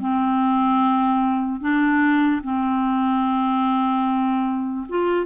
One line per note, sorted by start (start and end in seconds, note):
0.00 1.61 C4
1.61 2.42 D4
2.44 4.87 C4
4.89 5.26 F4